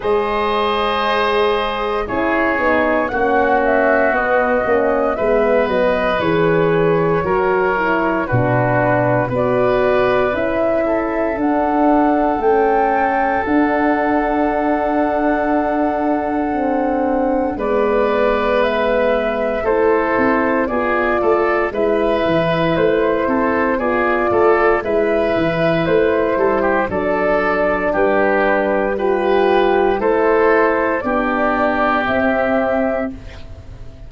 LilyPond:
<<
  \new Staff \with { instrumentName = "flute" } { \time 4/4 \tempo 4 = 58 dis''2 cis''4 fis''8 e''8 | dis''4 e''8 dis''8 cis''2 | b'4 d''4 e''4 fis''4 | g''4 fis''2.~ |
fis''4 d''4 e''4 c''4 | d''4 e''4 c''4 d''4 | e''4 c''4 d''4 b'4 | g'4 c''4 d''4 e''4 | }
  \new Staff \with { instrumentName = "oboe" } { \time 4/4 c''2 gis'4 fis'4~ | fis'4 b'2 ais'4 | fis'4 b'4. a'4.~ | a'1~ |
a'4 b'2 a'4 | gis'8 a'8 b'4. a'8 gis'8 a'8 | b'4. a'16 g'16 a'4 g'4 | b'4 a'4 g'2 | }
  \new Staff \with { instrumentName = "horn" } { \time 4/4 gis'2 e'8 dis'8 cis'4 | b8 cis'8 b4 gis'4 fis'8 e'8 | d'4 fis'4 e'4 d'4 | cis'4 d'2. |
c'4 b2 e'4 | f'4 e'2 f'4 | e'2 d'2 | f'4 e'4 d'4 c'4 | }
  \new Staff \with { instrumentName = "tuba" } { \time 4/4 gis2 cis'8 b8 ais4 | b8 ais8 gis8 fis8 e4 fis4 | b,4 b4 cis'4 d'4 | a4 d'2.~ |
d'4 gis2 a8 c'8 | b8 a8 gis8 e8 a8 c'8 b8 a8 | gis8 e8 a8 g8 fis4 g4~ | g4 a4 b4 c'4 | }
>>